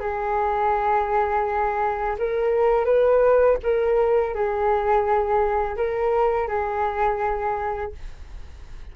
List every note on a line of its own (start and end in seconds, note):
0.00 2.17 G#4
2.19 2.86 A#4
2.86 3.58 B4
3.63 4.35 A#4
4.35 5.77 G#4
5.77 6.48 A#4
6.48 7.93 G#4